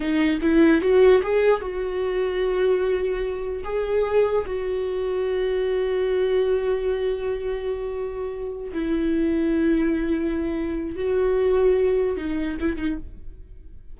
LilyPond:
\new Staff \with { instrumentName = "viola" } { \time 4/4 \tempo 4 = 148 dis'4 e'4 fis'4 gis'4 | fis'1~ | fis'4 gis'2 fis'4~ | fis'1~ |
fis'1~ | fis'4. e'2~ e'8~ | e'2. fis'4~ | fis'2 dis'4 e'8 dis'8 | }